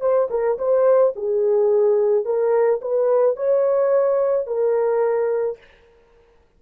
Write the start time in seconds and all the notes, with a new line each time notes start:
0.00 C5
0.30 A#4
0.58 C5
1.15 G#4
2.25 A#4
2.81 B4
3.36 C#5
4.46 A#4